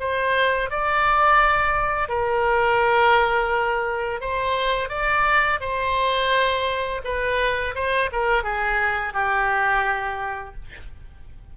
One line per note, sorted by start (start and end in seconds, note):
0.00 0.71 C5
0.71 2.09 D5
2.09 4.21 A#4
4.21 4.90 C5
4.90 5.60 D5
5.61 7.02 C5
7.04 7.75 B4
7.75 8.10 C5
8.13 8.44 A#4
8.44 9.14 G#4
9.14 10.55 G4